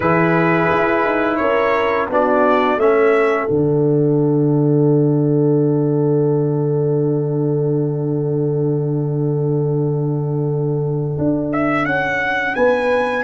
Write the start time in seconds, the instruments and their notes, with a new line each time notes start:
0.00 tuba E3, trombone E4, horn G#4, trumpet B4
0.70 tuba E4
1.05 tuba D#4
1.36 tuba C#4, horn A#4, trumpet C#5
2.09 tuba B3, trombone D4, horn F#4, trumpet D5
2.77 tuba A3, trombone C#4, horn A4, trumpet E5
3.47 tuba D3, trombone D4, trumpet F#5
11.18 tuba D4
11.52 trumpet E5
11.85 tuba C#4, trumpet F#5
12.55 tuba B3, horn B4, trumpet G#5